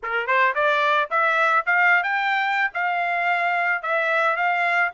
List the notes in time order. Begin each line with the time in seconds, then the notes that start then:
0.02 A#4
0.26 C5
0.55 D5
1.10 E5
1.66 F5
2.03 G5
2.73 F5
3.82 E5
4.36 F5